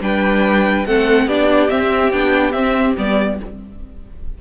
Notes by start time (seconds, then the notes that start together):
0.00 G3 D4 B4 G5
0.85 A3 C4 A4 F#5
1.26 B3 D4 G4 D5
1.69 C4 E5
2.11 B3 D4 G5
2.51 C4 E5
2.96 G3 B3 D5